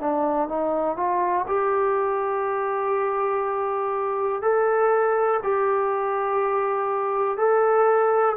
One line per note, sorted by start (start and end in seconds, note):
0.00 0.48 D4
0.48 0.97 D#4
0.97 1.46 F4
1.47 4.42 G4
4.42 5.40 A4
5.43 7.38 G4
7.38 8.36 A4